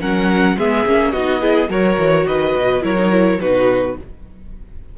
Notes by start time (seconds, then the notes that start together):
0.00 F#3 C#4 A#4 F#5
0.57 G#3 B3 G#4 E5
0.86 A#3 C#4
1.12 B3 D#4 F#4 D#5
1.41 E4 G#4
1.69 F#3 F#4 A#4 C#5
1.98 E3
2.27 D#3 B4 D#5
2.56 B2
2.82 F#3 E4 A#4 C#5
2.98 D#4
3.11 E4
3.40 B2 D#4 F#4 B4